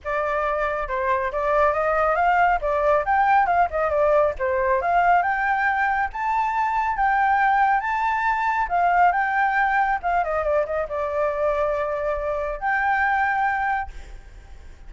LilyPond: \new Staff \with { instrumentName = "flute" } { \time 4/4 \tempo 4 = 138 d''2 c''4 d''4 | dis''4 f''4 d''4 g''4 | f''8 dis''8 d''4 c''4 f''4 | g''2 a''2 |
g''2 a''2 | f''4 g''2 f''8 dis''8 | d''8 dis''8 d''2.~ | d''4 g''2. | }